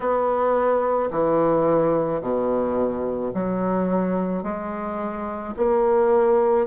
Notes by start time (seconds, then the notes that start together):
0.00 B3
1.11 E3
2.21 B2
3.33 F#3
4.43 G#3
5.57 A#3